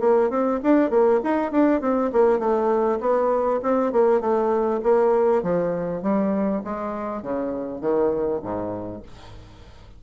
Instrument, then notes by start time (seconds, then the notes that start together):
bassoon
0.00 A#3
0.30 C4
0.63 D4
0.91 A#3
1.24 D#4
1.52 D4
1.81 C4
2.13 A#3
2.39 A3
3.00 B3
3.63 C4
3.92 A#3
4.21 A3
4.83 A#3
5.43 F3
6.02 G3
6.64 G#3
7.22 C#3
7.81 D#3
8.43 G#2